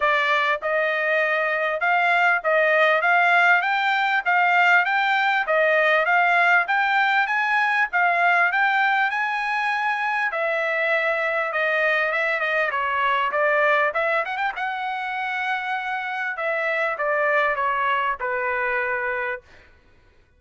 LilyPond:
\new Staff \with { instrumentName = "trumpet" } { \time 4/4 \tempo 4 = 99 d''4 dis''2 f''4 | dis''4 f''4 g''4 f''4 | g''4 dis''4 f''4 g''4 | gis''4 f''4 g''4 gis''4~ |
gis''4 e''2 dis''4 | e''8 dis''8 cis''4 d''4 e''8 fis''16 g''16 | fis''2. e''4 | d''4 cis''4 b'2 | }